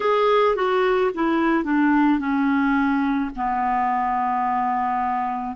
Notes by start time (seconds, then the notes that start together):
0.00 G#4
0.56 F#4
1.14 E4
1.64 D4
2.19 C#4
3.36 B3